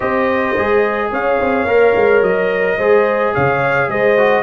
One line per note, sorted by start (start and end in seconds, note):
0.00 0.56 C4
0.00 0.55 G4
0.00 1.10 C5
0.00 1.11 D#5
0.56 1.11 G#3
0.56 1.67 G#4
1.11 1.39 C#4
1.11 2.77 C#5
1.11 2.22 F5
1.40 1.64 C4
1.64 1.92 A#3
1.64 2.78 A#4
1.95 2.21 G#3
2.21 2.77 F#3
2.21 3.34 D#5
2.77 3.33 G#3
2.77 4.17 G#4
2.77 3.33 C5
3.33 3.88 C#3
3.33 3.89 C#5
3.33 3.89 F5
3.88 4.42 G#3
3.88 4.42 C5
3.88 4.42 D#5
4.17 4.42 F#4